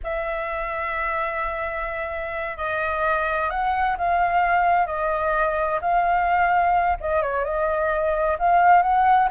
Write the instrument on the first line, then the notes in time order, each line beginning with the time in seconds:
flute
0.03 E5
2.57 D#5
3.49 F#5
3.97 F5
4.86 D#5
5.81 F5
7.00 D#5
7.21 C#5
7.44 D#5
8.38 F5
8.82 F#5